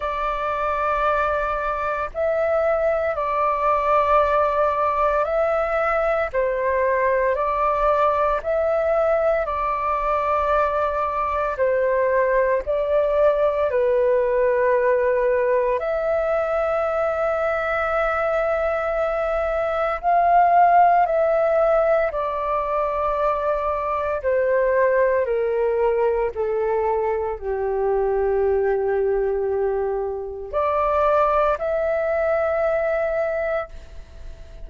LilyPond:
\new Staff \with { instrumentName = "flute" } { \time 4/4 \tempo 4 = 57 d''2 e''4 d''4~ | d''4 e''4 c''4 d''4 | e''4 d''2 c''4 | d''4 b'2 e''4~ |
e''2. f''4 | e''4 d''2 c''4 | ais'4 a'4 g'2~ | g'4 d''4 e''2 | }